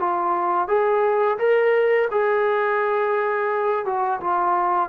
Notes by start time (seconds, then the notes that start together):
0.00 F4
0.68 G#4
1.39 A#4
2.11 G#4
3.85 F#4
4.21 F4